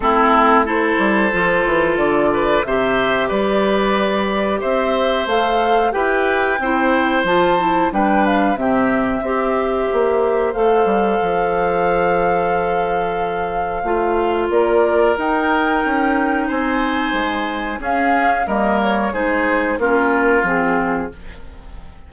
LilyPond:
<<
  \new Staff \with { instrumentName = "flute" } { \time 4/4 \tempo 4 = 91 a'4 c''2 d''4 | e''4 d''2 e''4 | f''4 g''2 a''4 | g''8 f''8 e''2. |
f''1~ | f''2 d''4 g''4~ | g''4 gis''2 f''4 | dis''8 cis''8 c''4 ais'4 gis'4 | }
  \new Staff \with { instrumentName = "oboe" } { \time 4/4 e'4 a'2~ a'8 b'8 | c''4 b'2 c''4~ | c''4 b'4 c''2 | b'4 g'4 c''2~ |
c''1~ | c''2 ais'2~ | ais'4 c''2 gis'4 | ais'4 gis'4 f'2 | }
  \new Staff \with { instrumentName = "clarinet" } { \time 4/4 c'4 e'4 f'2 | g'1 | a'4 g'4 e'4 f'8 e'8 | d'4 c'4 g'2 |
a'1~ | a'4 f'2 dis'4~ | dis'2. cis'4 | ais4 dis'4 cis'4 c'4 | }
  \new Staff \with { instrumentName = "bassoon" } { \time 4/4 a4. g8 f8 e8 d4 | c4 g2 c'4 | a4 e'4 c'4 f4 | g4 c4 c'4 ais4 |
a8 g8 f2.~ | f4 a4 ais4 dis'4 | cis'4 c'4 gis4 cis'4 | g4 gis4 ais4 f4 | }
>>